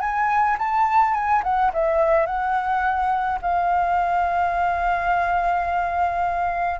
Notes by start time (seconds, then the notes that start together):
0.00 G#5
0.58 A5
1.13 G#5
1.43 F#5
1.73 E5
2.26 F#5
3.42 F5